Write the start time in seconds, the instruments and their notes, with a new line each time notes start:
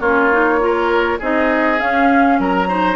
0.00 bassoon A#3, clarinet C#4, oboe F4, flute C#5
0.32 clarinet D#4
0.60 clarinet F4, oboe A#4
1.19 bassoon C4, clarinet D#4, oboe G#4, flute D#5
1.78 clarinet C#4, bassoon C#4, flute F5
2.39 bassoon F#3, oboe A#4, flute A#5
2.68 clarinet D#4, oboe C5